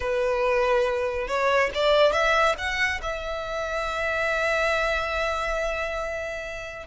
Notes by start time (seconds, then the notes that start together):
0.00 B4
1.27 C#5
1.74 D5
2.12 E5
2.58 F#5
3.02 E5